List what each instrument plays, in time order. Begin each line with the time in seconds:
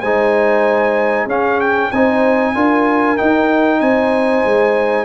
0.00 tuba G#3, trombone D#4, horn C5, trumpet G#5
1.26 tuba C#4, trombone C#4, horn G#4, trumpet F5
1.60 trumpet G5
1.91 tuba C4, trombone D#4, horn C5, trumpet G#5
2.55 tuba D4, trombone F4, horn A#4
3.17 trombone D#4, tuba D#4, trumpet G5
3.80 tuba C4, horn C5, trumpet G#5
4.44 tuba G#3